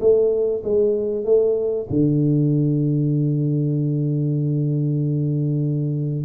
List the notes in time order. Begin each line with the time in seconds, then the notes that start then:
0.00 A3
0.64 G#3
1.24 A3
1.89 D3